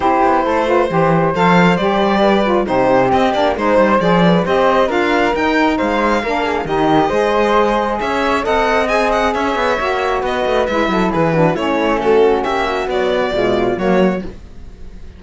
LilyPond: <<
  \new Staff \with { instrumentName = "violin" } { \time 4/4 \tempo 4 = 135 c''2. f''4 | d''2 c''4 dis''8 d''8 | c''4 d''4 dis''4 f''4 | g''4 f''2 dis''4~ |
dis''2 e''4 fis''4 | gis''8 fis''8 e''2 dis''4 | e''4 b'4 cis''4 a'4 | e''4 d''2 cis''4 | }
  \new Staff \with { instrumentName = "flute" } { \time 4/4 g'4 a'8 b'8 c''2~ | c''4 b'4 g'2 | c''4. b'8 c''4 ais'4~ | ais'4 c''4 ais'8 gis'8 g'4 |
c''2 cis''4 dis''4~ | dis''4 cis''2 b'4~ | b'8 a'8 gis'8 fis'8 e'4 fis'4 | g'8 fis'4. f'4 fis'4 | }
  \new Staff \with { instrumentName = "saxophone" } { \time 4/4 e'4. f'8 g'4 a'4 | g'4. f'8 dis'4 c'8 d'8 | dis'4 gis'4 g'4 f'4 | dis'2 d'4 dis'4 |
gis'2. a'4 | gis'2 fis'2 | e'4. d'8 cis'2~ | cis'4 fis4 gis4 ais4 | }
  \new Staff \with { instrumentName = "cello" } { \time 4/4 c'8 b8 a4 e4 f4 | g2 c4 c'8 ais8 | gis8 g8 f4 c'4 d'4 | dis'4 gis4 ais4 dis4 |
gis2 cis'4 c'4~ | c'4 cis'8 b8 ais4 b8 a8 | gis8 fis8 e4 a2 | ais4 b4 b,4 fis4 | }
>>